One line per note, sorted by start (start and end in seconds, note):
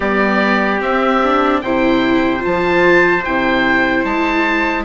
0.00 0.81 G3
0.00 0.78 B3
0.00 1.62 G4
0.00 0.81 D5
0.78 1.19 C4
0.78 1.62 C4
0.78 1.61 E5
1.23 1.63 D4
1.61 2.44 C3
1.61 2.39 E4
1.61 4.84 C5
1.61 2.42 G5
2.39 3.20 F4
2.39 3.24 A5
2.45 3.26 F3
3.24 4.04 C3
3.24 4.84 E4
3.24 4.04 G5
4.04 4.84 G#3
4.04 4.84 A5